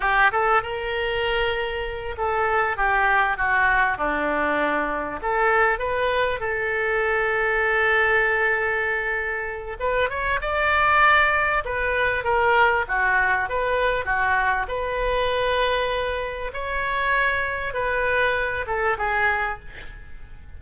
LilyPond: \new Staff \with { instrumentName = "oboe" } { \time 4/4 \tempo 4 = 98 g'8 a'8 ais'2~ ais'8 a'8~ | a'8 g'4 fis'4 d'4.~ | d'8 a'4 b'4 a'4.~ | a'1 |
b'8 cis''8 d''2 b'4 | ais'4 fis'4 b'4 fis'4 | b'2. cis''4~ | cis''4 b'4. a'8 gis'4 | }